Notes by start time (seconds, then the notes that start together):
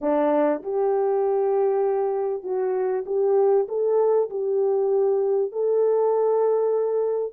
0.01 D4
0.62 G4
2.43 F#4
3.06 G4
3.68 A4
4.30 G4
5.52 A4